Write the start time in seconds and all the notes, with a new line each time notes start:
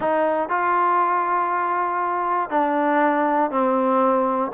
0.00 D#4
0.49 F4
2.50 D4
3.50 C4